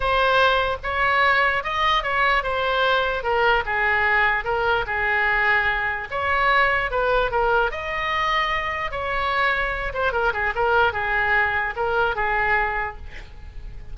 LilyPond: \new Staff \with { instrumentName = "oboe" } { \time 4/4 \tempo 4 = 148 c''2 cis''2 | dis''4 cis''4 c''2 | ais'4 gis'2 ais'4 | gis'2. cis''4~ |
cis''4 b'4 ais'4 dis''4~ | dis''2 cis''2~ | cis''8 c''8 ais'8 gis'8 ais'4 gis'4~ | gis'4 ais'4 gis'2 | }